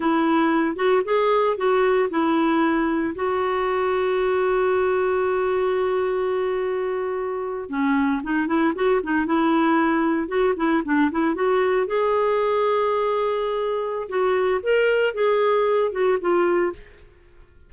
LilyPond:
\new Staff \with { instrumentName = "clarinet" } { \time 4/4 \tempo 4 = 115 e'4. fis'8 gis'4 fis'4 | e'2 fis'2~ | fis'1~ | fis'2~ fis'8. cis'4 dis'16~ |
dis'16 e'8 fis'8 dis'8 e'2 fis'16~ | fis'16 e'8 d'8 e'8 fis'4 gis'4~ gis'16~ | gis'2. fis'4 | ais'4 gis'4. fis'8 f'4 | }